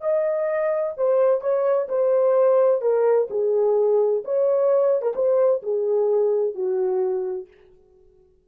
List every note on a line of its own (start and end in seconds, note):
0.00 0.93 D#5
0.97 1.41 C5
1.41 1.87 C#5
1.88 2.81 C5
2.81 3.27 A#4
3.30 4.23 G#4
4.24 5.01 C#5
5.01 5.13 A#4
5.15 5.62 C5
5.62 6.54 G#4
6.54 7.47 F#4